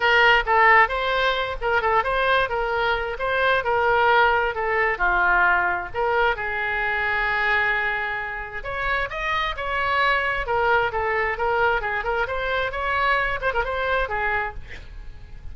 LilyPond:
\new Staff \with { instrumentName = "oboe" } { \time 4/4 \tempo 4 = 132 ais'4 a'4 c''4. ais'8 | a'8 c''4 ais'4. c''4 | ais'2 a'4 f'4~ | f'4 ais'4 gis'2~ |
gis'2. cis''4 | dis''4 cis''2 ais'4 | a'4 ais'4 gis'8 ais'8 c''4 | cis''4. c''16 ais'16 c''4 gis'4 | }